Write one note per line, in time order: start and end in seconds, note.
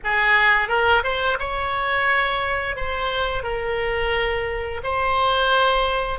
0.03 0.68 G#4
0.68 1.03 A#4
1.03 1.38 C5
1.39 2.76 C#5
2.76 3.43 C5
3.43 4.81 A#4
4.83 6.19 C5